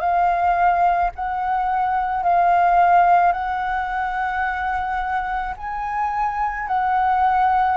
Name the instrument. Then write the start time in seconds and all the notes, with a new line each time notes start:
flute
0.00 F5
1.16 F#5
2.23 F5
3.32 F#5
5.57 G#5
6.68 F#5